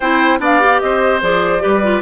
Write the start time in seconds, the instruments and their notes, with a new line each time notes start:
0.00 bassoon C4, clarinet E4, oboe C5, flute G5
0.39 bassoon B3, clarinet D4, oboe D5, flute F5
0.60 clarinet G4
0.80 bassoon C4, oboe C5, flute D#5
1.21 bassoon F3, clarinet G#4, flute D5
1.59 bassoon G3, clarinet G4, oboe B4
1.83 clarinet F4